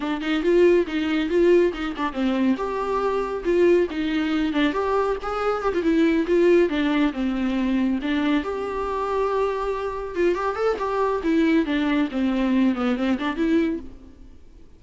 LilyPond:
\new Staff \with { instrumentName = "viola" } { \time 4/4 \tempo 4 = 139 d'8 dis'8 f'4 dis'4 f'4 | dis'8 d'8 c'4 g'2 | f'4 dis'4. d'8 g'4 | gis'4 g'16 f'16 e'4 f'4 d'8~ |
d'8 c'2 d'4 g'8~ | g'2.~ g'8 f'8 | g'8 a'8 g'4 e'4 d'4 | c'4. b8 c'8 d'8 e'4 | }